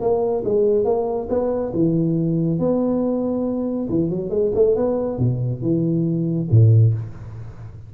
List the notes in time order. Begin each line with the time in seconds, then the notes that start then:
0.00 A#3
0.44 G#3
0.84 A#3
1.29 B3
1.73 E3
2.58 B3
3.89 E3
4.09 F#3
4.29 G#3
4.54 A3
4.75 B3
5.18 B2
5.61 E3
6.50 A2